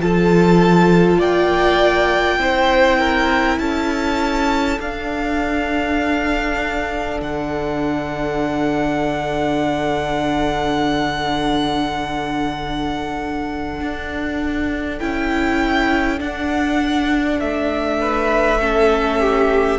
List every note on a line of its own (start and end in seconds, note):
0.00 1.18 F3
0.00 2.40 F4
0.00 1.18 A4
0.00 1.20 A5
1.18 2.38 A#3
1.18 2.38 D5
1.18 3.58 G5
2.38 3.58 C4
2.38 4.80 E4
2.38 2.99 C5
2.99 3.59 A#4
3.58 4.78 C#4
3.58 18.00 A4
3.58 4.78 A5
4.79 7.19 D4
4.79 15.00 D4
4.79 7.20 F5
7.20 13.80 D3
7.20 14.98 F#5
13.80 15.00 D4
14.98 16.20 C#4
14.98 16.18 E4
14.98 16.18 G5
16.18 18.58 D4
16.18 17.40 D4
16.18 17.40 F#5
17.40 19.79 A3
17.40 19.79 E5
18.00 18.60 B4
18.59 19.79 C#4
18.59 19.20 A4
19.20 19.79 G4